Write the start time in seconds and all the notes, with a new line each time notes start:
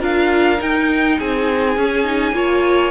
0.00 D4 F4 A#4 F5
0.59 D#4 G5
1.18 C4 G#4 G#5
1.77 C#4
2.05 D#4
2.33 A#3 F4 C#5